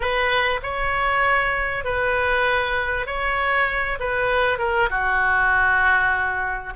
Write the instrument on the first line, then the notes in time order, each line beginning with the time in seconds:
oboe
0.00 B4
0.62 C#5
1.84 B4
3.06 C#5
3.99 B4
4.58 A#4
4.90 F#4